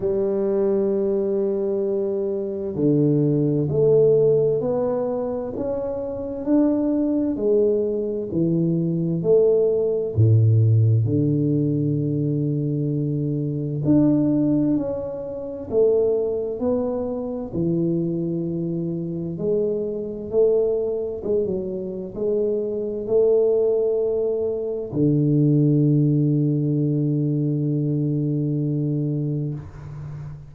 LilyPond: \new Staff \with { instrumentName = "tuba" } { \time 4/4 \tempo 4 = 65 g2. d4 | a4 b4 cis'4 d'4 | gis4 e4 a4 a,4 | d2. d'4 |
cis'4 a4 b4 e4~ | e4 gis4 a4 gis16 fis8. | gis4 a2 d4~ | d1 | }